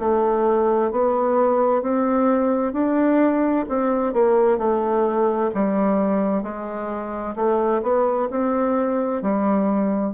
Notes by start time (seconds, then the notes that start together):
0.00 A3
0.91 B3
1.82 C4
2.73 D4
3.69 C4
4.14 A#3
4.58 A3
5.55 G3
6.43 G#3
7.36 A3
7.83 B3
8.31 C4
9.22 G3